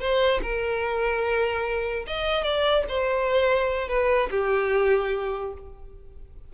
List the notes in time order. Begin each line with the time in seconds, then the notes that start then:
0.00 C5
0.42 A#4
2.07 D#5
2.43 D5
2.89 C5
3.88 B4
4.31 G4